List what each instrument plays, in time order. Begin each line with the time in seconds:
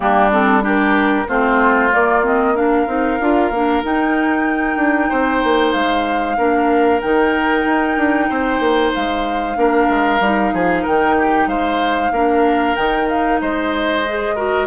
0.00 bassoon G3, clarinet A#3, oboe D4, flute G4
0.32 clarinet C4, flute A4
0.61 clarinet D4, oboe G4, flute A#4
1.27 bassoon A3, clarinet C4, oboe F4, flute C5
1.91 clarinet A#3, bassoon A#3, flute D5
2.23 clarinet C4, flute D#5
2.55 clarinet D4, oboe A#4, flute F5
2.86 bassoon C4, clarinet D#4
3.20 bassoon D4, clarinet F4
3.50 bassoon A#3, clarinet D4
3.82 clarinet D#4, bassoon D#4, flute G5
4.76 bassoon D4
5.09 bassoon C4, oboe C5
5.43 bassoon A#3
5.72 bassoon G#3, flute F5
6.37 bassoon A#3, clarinet D4, oboe A#4
7.01 bassoon D#3, clarinet D#4, flute G5
7.65 bassoon D#4
7.97 bassoon D4
8.29 bassoon C4, oboe C5
8.59 bassoon A#3
8.94 bassoon G#3, flute F5
9.55 bassoon A#3, clarinet D4, oboe A#4
9.89 bassoon G#3
10.20 bassoon G3, clarinet D#4
10.53 bassoon F3, oboe G#4
10.82 bassoon D#3, oboe A#4, flute G5
11.17 oboe G4
11.46 bassoon G#3, oboe C5, flute F5
12.11 bassoon A#3, clarinet D4, oboe A#4
12.75 bassoon D#3, clarinet D#4, flute G5
13.08 flute F5
13.41 bassoon G#3, oboe C5, flute D#5
14.07 clarinet G#4
14.35 clarinet F#4, oboe A#4